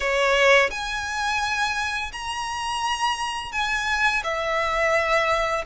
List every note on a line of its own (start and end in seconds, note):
0.00 0.69 C#5
0.70 2.11 G#5
2.12 3.52 A#5
3.52 4.22 G#5
4.23 5.64 E5